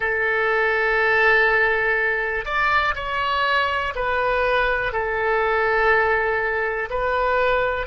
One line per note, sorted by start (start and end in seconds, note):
0.00 2.45 A4
2.45 2.94 D5
2.95 3.93 C#5
3.95 4.92 B4
4.92 6.89 A4
6.90 7.86 B4